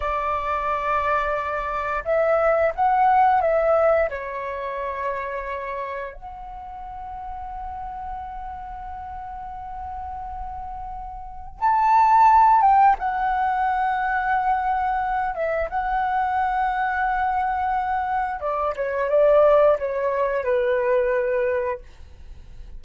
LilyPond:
\new Staff \with { instrumentName = "flute" } { \time 4/4 \tempo 4 = 88 d''2. e''4 | fis''4 e''4 cis''2~ | cis''4 fis''2.~ | fis''1~ |
fis''4 a''4. g''8 fis''4~ | fis''2~ fis''8 e''8 fis''4~ | fis''2. d''8 cis''8 | d''4 cis''4 b'2 | }